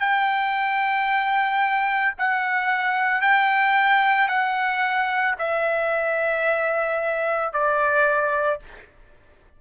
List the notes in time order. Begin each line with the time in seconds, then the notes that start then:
0.00 G5
2.18 F#5
3.22 G5
4.28 F#5
5.39 E5
7.53 D5